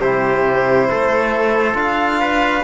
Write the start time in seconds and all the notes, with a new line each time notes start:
0.00 C3 E4 G4 C5
0.90 A3 A4
1.73 D4 F4 F5
2.20 B4